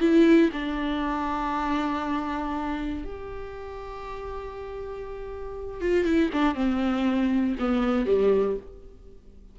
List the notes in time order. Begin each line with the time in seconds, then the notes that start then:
0.00 E4
0.52 D4
3.04 G4
5.81 F4
6.05 E4
6.33 D4
6.55 C4
7.59 B3
8.06 G3